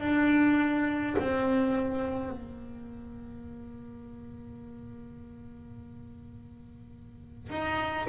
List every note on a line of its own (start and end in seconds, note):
0.00 1.15 D4
1.19 2.31 C4
2.31 7.49 A#3
7.49 8.07 D#4